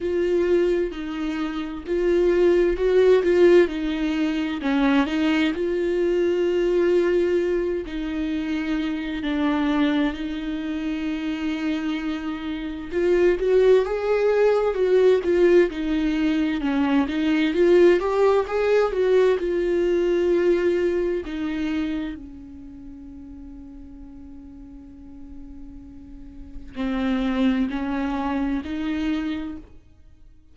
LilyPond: \new Staff \with { instrumentName = "viola" } { \time 4/4 \tempo 4 = 65 f'4 dis'4 f'4 fis'8 f'8 | dis'4 cis'8 dis'8 f'2~ | f'8 dis'4. d'4 dis'4~ | dis'2 f'8 fis'8 gis'4 |
fis'8 f'8 dis'4 cis'8 dis'8 f'8 g'8 | gis'8 fis'8 f'2 dis'4 | cis'1~ | cis'4 c'4 cis'4 dis'4 | }